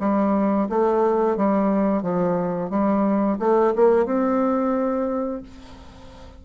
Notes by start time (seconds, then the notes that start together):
0.00 G3
0.69 A3
1.37 G3
2.03 F3
2.70 G3
3.39 A3
3.76 A#3
4.06 C4